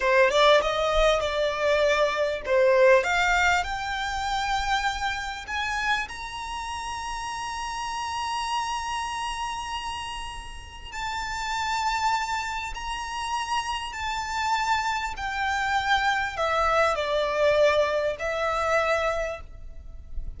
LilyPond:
\new Staff \with { instrumentName = "violin" } { \time 4/4 \tempo 4 = 99 c''8 d''8 dis''4 d''2 | c''4 f''4 g''2~ | g''4 gis''4 ais''2~ | ais''1~ |
ais''2 a''2~ | a''4 ais''2 a''4~ | a''4 g''2 e''4 | d''2 e''2 | }